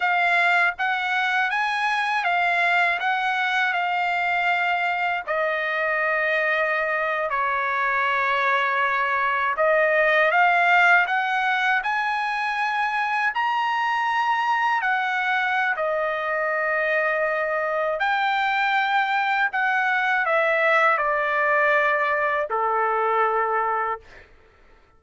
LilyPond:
\new Staff \with { instrumentName = "trumpet" } { \time 4/4 \tempo 4 = 80 f''4 fis''4 gis''4 f''4 | fis''4 f''2 dis''4~ | dis''4.~ dis''16 cis''2~ cis''16~ | cis''8. dis''4 f''4 fis''4 gis''16~ |
gis''4.~ gis''16 ais''2 fis''16~ | fis''4 dis''2. | g''2 fis''4 e''4 | d''2 a'2 | }